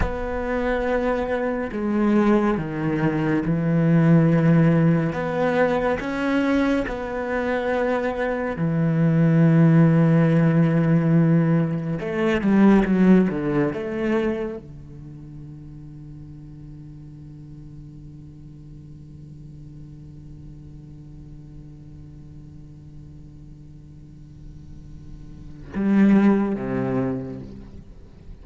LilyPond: \new Staff \with { instrumentName = "cello" } { \time 4/4 \tempo 4 = 70 b2 gis4 dis4 | e2 b4 cis'4 | b2 e2~ | e2 a8 g8 fis8 d8 |
a4 d2.~ | d1~ | d1~ | d2 g4 c4 | }